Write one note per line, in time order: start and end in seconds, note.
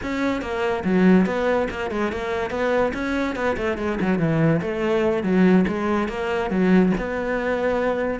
0.02 0.41 C#4
0.41 0.83 A#3
0.84 1.26 F#3
1.26 1.68 B3
1.70 1.91 A#3
1.91 2.12 G#3
2.12 2.50 A#3
2.50 2.92 B3
2.93 3.35 C#4
3.35 3.56 B3
3.57 3.77 A3
3.77 3.98 G#3
4.00 4.18 F#3
4.18 4.60 E3
4.61 5.23 A3
5.23 5.65 F#3
5.67 6.08 G#3
6.08 6.50 A#3
6.50 6.92 F#3
6.97 8.20 B3